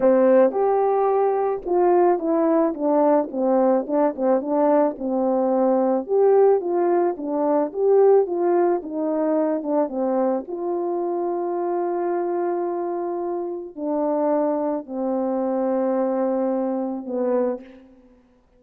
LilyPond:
\new Staff \with { instrumentName = "horn" } { \time 4/4 \tempo 4 = 109 c'4 g'2 f'4 | e'4 d'4 c'4 d'8 c'8 | d'4 c'2 g'4 | f'4 d'4 g'4 f'4 |
dis'4. d'8 c'4 f'4~ | f'1~ | f'4 d'2 c'4~ | c'2. b4 | }